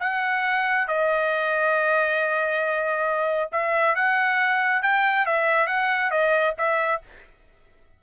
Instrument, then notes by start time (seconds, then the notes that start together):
trumpet
0.00 F#5
0.88 D#5
3.52 E5
3.96 F#5
4.83 G5
5.26 E5
5.67 F#5
6.11 D#5
6.58 E5